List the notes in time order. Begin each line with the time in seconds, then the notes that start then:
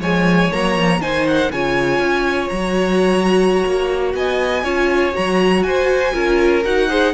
0.00 F3 G#3 C#5 G#5
0.52 F#3 A#3 A#5
0.76 F3
0.99 D#3 D#4 C5 G#5
1.27 F#5
1.51 C#3 F4 C#5 G#5
1.99 C#4
2.49 F#3 F#4 A#5
3.66 A#3
4.14 B3 D#5 G#5
4.63 C#4 F4 C#5
5.12 F#3 F#4 A#5
5.63 F#4 C5 G#5
6.12 C#4 F4 A#4
6.64 D#4 F#4 F#5
6.89 G#4 C5